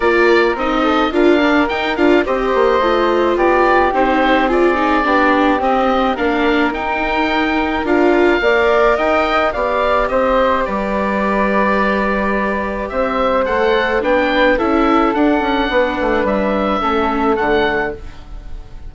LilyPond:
<<
  \new Staff \with { instrumentName = "oboe" } { \time 4/4 \tempo 4 = 107 d''4 dis''4 f''4 g''8 f''8 | dis''2 d''4 c''4 | d''2 dis''4 f''4 | g''2 f''2 |
g''4 f''4 dis''4 d''4~ | d''2. e''4 | fis''4 g''4 e''4 fis''4~ | fis''4 e''2 fis''4 | }
  \new Staff \with { instrumentName = "flute" } { \time 4/4 ais'4. a'8 ais'2 | c''2 g'2 | gis'4 g'2 ais'4~ | ais'2. d''4 |
dis''4 d''4 c''4 b'4~ | b'2. c''4~ | c''4 b'4 a'2 | b'2 a'2 | }
  \new Staff \with { instrumentName = "viola" } { \time 4/4 f'4 dis'4 f'8 d'8 dis'8 f'8 | g'4 f'2 dis'4 | f'8 dis'8 d'4 c'4 d'4 | dis'2 f'4 ais'4~ |
ais'4 g'2.~ | g'1 | a'4 d'4 e'4 d'4~ | d'2 cis'4 a4 | }
  \new Staff \with { instrumentName = "bassoon" } { \time 4/4 ais4 c'4 d'4 dis'8 d'8 | c'8 ais8 a4 b4 c'4~ | c'4 b4 c'4 ais4 | dis'2 d'4 ais4 |
dis'4 b4 c'4 g4~ | g2. c'4 | a4 b4 cis'4 d'8 cis'8 | b8 a8 g4 a4 d4 | }
>>